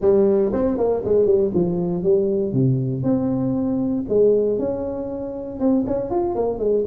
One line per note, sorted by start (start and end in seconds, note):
0.01 0.52 G3
0.52 0.77 C4
0.77 1.03 A#3
1.04 1.25 G#3
1.25 1.51 G3
1.54 2.03 F3
2.03 2.52 G3
2.52 3.03 C3
3.03 4.04 C4
4.08 4.59 G#3
4.59 5.59 C#4
5.59 5.85 C4
5.87 6.10 C#4
6.10 6.35 F4
6.35 6.58 A#3
6.58 6.84 G#3